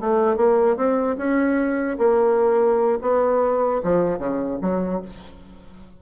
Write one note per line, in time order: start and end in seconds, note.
0.00 0.36 A3
0.36 0.76 A#3
0.76 1.17 C4
1.17 1.98 C#4
1.98 2.99 A#3
3.01 3.82 B3
3.83 4.19 F3
4.19 4.59 C#3
4.61 5.02 F#3